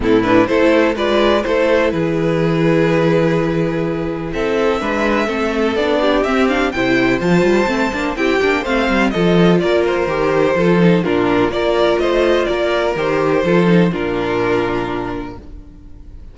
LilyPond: <<
  \new Staff \with { instrumentName = "violin" } { \time 4/4 \tempo 4 = 125 a'8 b'8 c''4 d''4 c''4 | b'1~ | b'4 e''2. | d''4 e''8 f''8 g''4 a''4~ |
a''4 g''4 f''4 dis''4 | d''8 c''2~ c''8 ais'4 | d''4 dis''4 d''4 c''4~ | c''4 ais'2. | }
  \new Staff \with { instrumentName = "violin" } { \time 4/4 e'4 a'4 b'4 a'4 | gis'1~ | gis'4 a'4 b'4 a'4~ | a'8 g'4. c''2~ |
c''4 g'4 c''4 a'4 | ais'2 a'4 f'4 | ais'4 c''4 ais'2 | a'4 f'2. | }
  \new Staff \with { instrumentName = "viola" } { \time 4/4 c'8 d'8 e'4 f'4 e'4~ | e'1~ | e'2 d'4 c'4 | d'4 c'8 d'8 e'4 f'4 |
c'8 d'8 e'8 d'8 c'4 f'4~ | f'4 g'4 f'8 dis'8 d'4 | f'2. g'4 | f'8 dis'8 d'2. | }
  \new Staff \with { instrumentName = "cello" } { \time 4/4 a,4 a4 gis4 a4 | e1~ | e4 c'4 gis4 a4 | b4 c'4 c4 f8 g8 |
a8 ais8 c'8 ais8 a8 g8 f4 | ais4 dis4 f4 ais,4 | ais4 a4 ais4 dis4 | f4 ais,2. | }
>>